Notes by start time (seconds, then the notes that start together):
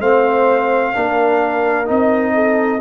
0.00 A3 C4 C5 F5
0.94 A#3 D4 A#4
1.86 C4 D#4 D#5
2.35 A4